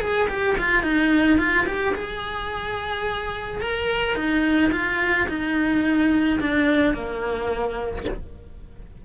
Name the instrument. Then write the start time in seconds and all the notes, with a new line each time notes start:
cello
0.00 G#4
0.28 G4
0.58 F4
0.83 D#4
1.38 F4
1.66 G4
1.94 G#4
3.61 A#4
4.15 D#4
4.72 F4
5.28 D#4
6.40 D4
6.94 A#3